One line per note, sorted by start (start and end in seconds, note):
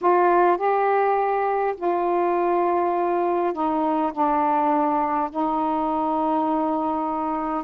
0.01 0.57 F4
0.57 1.75 G4
1.76 3.53 F4
3.53 4.12 D#4
4.12 5.30 D4
5.30 7.63 D#4